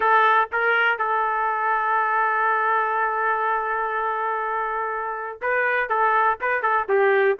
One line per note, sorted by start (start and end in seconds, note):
0.00 0.48 A4
0.51 0.98 A#4
0.98 5.41 A4
5.41 5.89 B4
5.89 6.38 A4
6.41 6.62 B4
6.62 6.87 A4
6.89 7.38 G4